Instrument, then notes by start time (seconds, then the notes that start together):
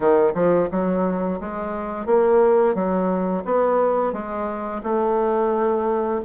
bassoon
0.00 D#3
0.34 F3
0.71 F#3
1.40 G#3
2.06 A#3
2.74 F#3
3.45 B3
4.12 G#3
4.83 A3